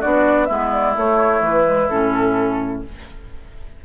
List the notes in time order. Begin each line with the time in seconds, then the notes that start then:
0.00 B3 D4 F#4 D5
0.45 G#3 B3 E4 E5
0.72 D5
0.96 A3 C#5
1.40 E3 B4
1.64 G#3
1.89 A2 C#4 A4